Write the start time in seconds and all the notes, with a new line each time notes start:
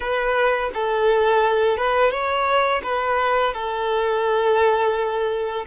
0.00 B4
0.74 A4
1.76 B4
2.11 C#5
2.83 B4
3.53 A4